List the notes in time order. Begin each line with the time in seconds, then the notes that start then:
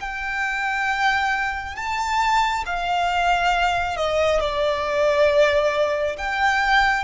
0.00 G5
1.76 A5
2.66 F5
3.97 D#5
4.40 D5
6.18 G5